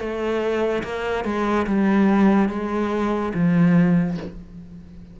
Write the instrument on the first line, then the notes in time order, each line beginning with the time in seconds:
cello
0.00 A3
0.84 A#3
1.25 G#3
1.67 G3
2.49 G#3
3.34 F3